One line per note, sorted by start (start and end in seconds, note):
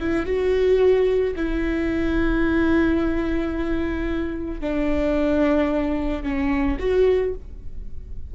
0.00 0.26 E4
0.26 1.35 F#4
1.36 4.61 E4
4.61 6.23 D4
6.23 6.78 C#4
6.80 7.34 F#4